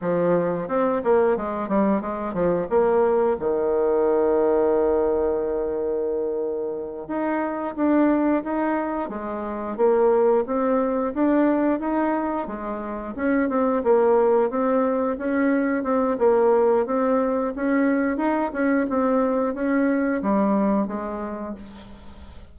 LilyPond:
\new Staff \with { instrumentName = "bassoon" } { \time 4/4 \tempo 4 = 89 f4 c'8 ais8 gis8 g8 gis8 f8 | ais4 dis2.~ | dis2~ dis8 dis'4 d'8~ | d'8 dis'4 gis4 ais4 c'8~ |
c'8 d'4 dis'4 gis4 cis'8 | c'8 ais4 c'4 cis'4 c'8 | ais4 c'4 cis'4 dis'8 cis'8 | c'4 cis'4 g4 gis4 | }